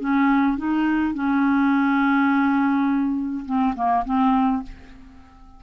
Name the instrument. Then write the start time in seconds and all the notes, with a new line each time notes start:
clarinet
0.00 C#4
0.58 D#4
1.14 C#4
3.46 C4
3.76 A#3
4.05 C4